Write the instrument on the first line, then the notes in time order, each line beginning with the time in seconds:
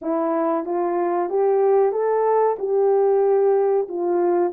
horn
0.01 E4
0.65 F4
1.29 G4
1.92 A4
2.58 G4
3.88 F4